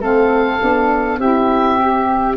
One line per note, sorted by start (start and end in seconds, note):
0.00 0.59 A3
0.00 0.60 C4
0.00 1.19 A4
0.00 1.20 F5
0.60 1.18 B3
0.60 1.19 D4
1.18 2.36 C4
1.18 1.79 E4
1.18 2.37 G4
1.18 2.37 E5
1.79 2.37 G4